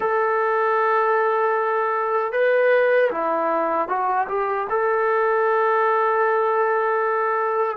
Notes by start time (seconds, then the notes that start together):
0.00 A4
2.32 B4
3.11 E4
3.88 F#4
4.28 G4
4.69 A4